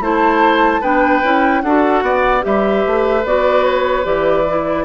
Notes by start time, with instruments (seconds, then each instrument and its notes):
0.00 bassoon A3, clarinet E4, oboe C5, flute A5
0.81 bassoon B3, clarinet D4, oboe B4, flute G5
1.23 bassoon C#4, clarinet E4
1.61 bassoon D4, clarinet F#4, oboe A4, flute F#5
2.02 bassoon B3, oboe D5
2.41 bassoon G3, clarinet G4, oboe B4, flute E5
2.86 bassoon A3
3.24 bassoon B3, clarinet F#4, flute D5
3.64 flute C#5
4.03 bassoon E3, clarinet G4, flute D5
4.48 clarinet E4